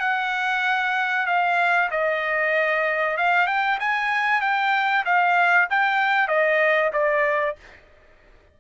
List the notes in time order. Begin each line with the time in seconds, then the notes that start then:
0.00 F#5
1.27 F5
1.91 D#5
3.18 F5
3.47 G5
3.80 G#5
4.42 G5
5.05 F5
5.70 G5
6.28 D#5
6.93 D5